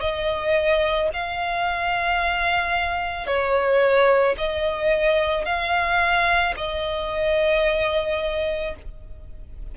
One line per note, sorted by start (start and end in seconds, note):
0.00 1.09 D#5
1.13 3.27 F5
3.27 4.36 C#5
4.37 5.45 D#5
5.45 6.54 F5
6.57 8.75 D#5